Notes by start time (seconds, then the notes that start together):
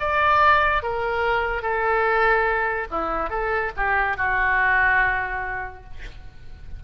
0.00 D5
0.83 A#4
1.62 A4
2.91 E4
3.30 A4
3.77 G4
4.17 F#4